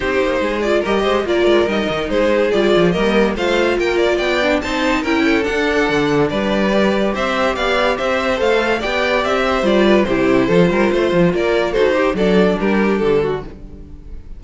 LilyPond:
<<
  \new Staff \with { instrumentName = "violin" } { \time 4/4 \tempo 4 = 143 c''4. d''8 dis''4 d''4 | dis''4 c''4 d''4 dis''4 | f''4 g''8 d''8 g''4 a''4 | g''4 fis''2 d''4~ |
d''4 e''4 f''4 e''4 | f''4 g''4 e''4 d''4 | c''2. d''4 | c''4 d''4 ais'4 a'4 | }
  \new Staff \with { instrumentName = "violin" } { \time 4/4 g'4 gis'4 ais'8 c''8 ais'4~ | ais'4 gis'2 ais'4 | c''4 ais'4 d''4 c''4 | ais'8 a'2~ a'8 b'4~ |
b'4 c''4 d''4 c''4~ | c''4 d''4. c''4 b'8 | g'4 a'8 ais'8 c''4 ais'4 | a'8 g'8 a'4 g'4. fis'8 | }
  \new Staff \with { instrumentName = "viola" } { \time 4/4 dis'4. f'8 g'4 f'4 | dis'2 f'4 ais4 | f'2~ f'8 d'8 dis'4 | e'4 d'2. |
g'1 | a'4 g'2 f'4 | e'4 f'2. | fis'8 g'8 d'2. | }
  \new Staff \with { instrumentName = "cello" } { \time 4/4 c'8 ais8 gis4 g8 gis8 ais8 gis8 | g8 dis8 gis4 g8 f8 g4 | a4 ais4 b4 c'4 | cis'4 d'4 d4 g4~ |
g4 c'4 b4 c'4 | a4 b4 c'4 g4 | c4 f8 g8 a8 f8 ais4 | dis'4 fis4 g4 d4 | }
>>